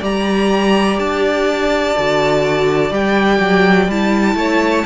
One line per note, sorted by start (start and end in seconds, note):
0.00 0.99 G3
0.00 1.97 G4
0.00 4.35 D5
0.00 0.99 A#5
0.99 1.96 D4
0.99 2.93 A5
1.98 2.91 D3
1.98 2.92 F#4
2.91 3.40 G3
2.91 3.89 G4
2.91 3.91 G5
3.40 3.88 F#3
3.88 4.35 G3
3.88 4.86 E4
3.88 4.86 A5
4.35 4.84 A3
4.35 4.86 C#5